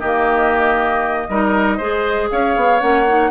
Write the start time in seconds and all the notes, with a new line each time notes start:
0.00 D#3 A#3 G4 D#5
1.29 G3 D#4 A#4
1.77 G#3 G#4 C5
2.31 C#4 C#5 F5
2.56 B3
2.80 A#3 C#4 F#5
3.08 D#4